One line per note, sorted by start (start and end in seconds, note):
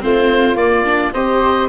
0.00 0.56 A3
0.00 0.56 C4
0.00 1.13 F4
0.00 0.57 C5
0.56 1.12 A#3
0.56 0.84 A#3
0.56 1.13 D5
0.85 1.13 D4
1.13 1.69 C4
1.13 1.69 G4
1.13 1.69 C5
1.13 1.69 D#5